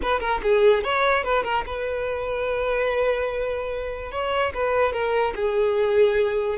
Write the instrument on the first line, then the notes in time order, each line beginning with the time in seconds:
violin
0.02 B4
0.20 A#4
0.42 G#4
0.83 C#5
1.23 B4
1.43 A#4
1.66 B4
4.11 C#5
4.54 B4
4.92 A#4
5.35 G#4